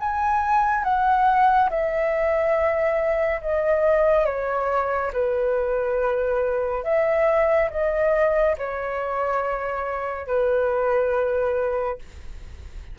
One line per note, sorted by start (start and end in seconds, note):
0.00 0.84 G#5
0.84 1.70 F#5
1.70 3.41 E5
3.41 4.26 D#5
4.26 5.12 C#5
5.13 6.84 B4
6.84 7.70 E5
7.71 8.56 D#5
8.58 10.27 C#5
10.27 11.98 B4